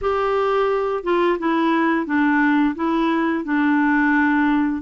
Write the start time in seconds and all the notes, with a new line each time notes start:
0.01 G4
1.03 F4
1.38 E4
2.05 D4
2.75 E4
3.44 D4